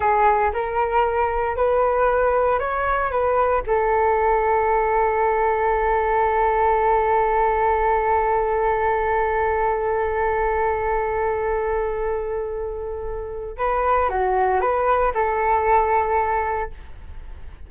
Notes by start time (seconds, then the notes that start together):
0.00 G#4
0.53 A#4
1.56 B4
2.59 C#5
3.11 B4
3.66 A4
13.57 B4
14.09 F#4
14.61 B4
15.14 A4